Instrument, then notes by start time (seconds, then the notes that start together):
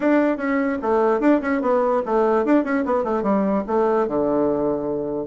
bassoon
0.00 D4
0.37 C#4
0.82 A3
1.20 D4
1.41 C#4
1.61 B3
2.05 A3
2.45 D4
2.64 C#4
2.85 B3
3.04 A3
3.22 G3
3.67 A3
4.07 D3